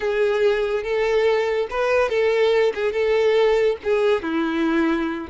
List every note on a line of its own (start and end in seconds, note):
0.00 0.83 G#4
0.83 1.67 A4
1.70 2.09 B4
2.09 2.72 A4
2.74 2.92 G#4
2.92 3.77 A4
3.83 4.22 G#4
4.22 5.28 E4